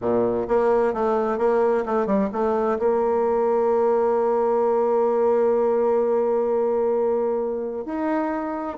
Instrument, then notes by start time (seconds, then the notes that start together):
bassoon
0.01 A#2
0.48 A#3
0.93 A3
1.38 A#3
1.85 A3
2.06 G3
2.32 A3
2.79 A#3
7.85 D#4